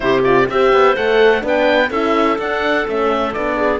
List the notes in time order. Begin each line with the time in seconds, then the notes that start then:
0.00 C3 E4 G4 C5
0.23 F4 D5
0.49 C4 G4 C5 E5
0.72 B3
0.95 A3 A4 F#5
1.40 B3 D4 B4
1.47 G5
1.89 C#4 E4 A4 E5
2.38 D4 F#5
2.86 A3 C#4 E5
3.33 B3 D4 D5
3.56 G#4